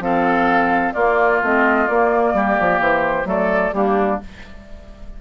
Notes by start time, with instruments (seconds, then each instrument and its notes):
0.00 bassoon F3, clarinet C4, oboe A4, flute F5
0.94 bassoon A#3, clarinet A#3, oboe F4, flute D5
1.42 bassoon A3, clarinet C4, flute D#5
1.88 clarinet A#3, bassoon A#3, flute D5
2.34 bassoon G3, oboe G4
2.60 bassoon F3
2.80 bassoon E3, flute C5
3.25 bassoon F#3, clarinet A3, oboe A4, flute D5
3.74 bassoon G3, clarinet A#3, oboe D4, flute G4